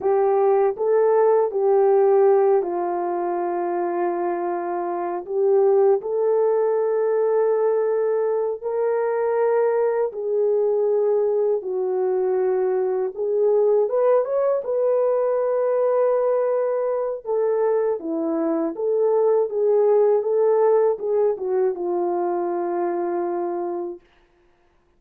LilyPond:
\new Staff \with { instrumentName = "horn" } { \time 4/4 \tempo 4 = 80 g'4 a'4 g'4. f'8~ | f'2. g'4 | a'2.~ a'8 ais'8~ | ais'4. gis'2 fis'8~ |
fis'4. gis'4 b'8 cis''8 b'8~ | b'2. a'4 | e'4 a'4 gis'4 a'4 | gis'8 fis'8 f'2. | }